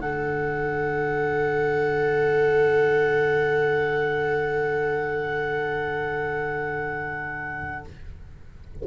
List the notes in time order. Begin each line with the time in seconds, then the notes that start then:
0.00 D3 D4 A4 F#5